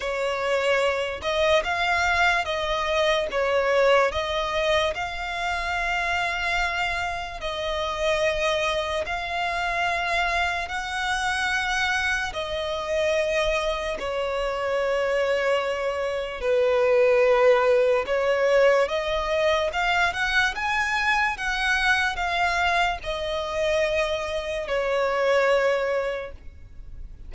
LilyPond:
\new Staff \with { instrumentName = "violin" } { \time 4/4 \tempo 4 = 73 cis''4. dis''8 f''4 dis''4 | cis''4 dis''4 f''2~ | f''4 dis''2 f''4~ | f''4 fis''2 dis''4~ |
dis''4 cis''2. | b'2 cis''4 dis''4 | f''8 fis''8 gis''4 fis''4 f''4 | dis''2 cis''2 | }